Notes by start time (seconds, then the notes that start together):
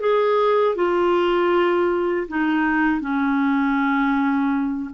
0.00 G#4
0.75 F4
2.28 D#4
3.00 C#4